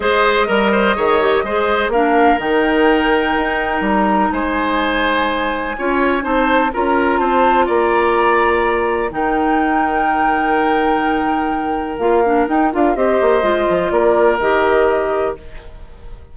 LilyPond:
<<
  \new Staff \with { instrumentName = "flute" } { \time 4/4 \tempo 4 = 125 dis''1 | f''4 g''2. | ais''4 gis''2.~ | gis''4 a''4 ais''4 a''4 |
ais''2. g''4~ | g''1~ | g''4 f''4 g''8 f''8 dis''4~ | dis''4 d''4 dis''2 | }
  \new Staff \with { instrumentName = "oboe" } { \time 4/4 c''4 ais'8 c''8 cis''4 c''4 | ais'1~ | ais'4 c''2. | cis''4 c''4 ais'4 c''4 |
d''2. ais'4~ | ais'1~ | ais'2. c''4~ | c''4 ais'2. | }
  \new Staff \with { instrumentName = "clarinet" } { \time 4/4 gis'4 ais'4 gis'8 g'8 gis'4 | d'4 dis'2.~ | dis'1 | f'4 dis'4 f'2~ |
f'2. dis'4~ | dis'1~ | dis'4 f'8 d'8 dis'8 f'8 g'4 | f'2 g'2 | }
  \new Staff \with { instrumentName = "bassoon" } { \time 4/4 gis4 g4 dis4 gis4 | ais4 dis2 dis'4 | g4 gis2. | cis'4 c'4 cis'4 c'4 |
ais2. dis4~ | dis1~ | dis4 ais4 dis'8 d'8 c'8 ais8 | gis8 f8 ais4 dis2 | }
>>